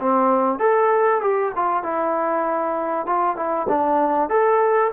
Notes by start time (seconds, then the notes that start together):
0.00 C4
0.60 A4
1.21 G4
1.56 F4
1.84 E4
3.06 F4
3.37 E4
3.69 D4
4.30 A4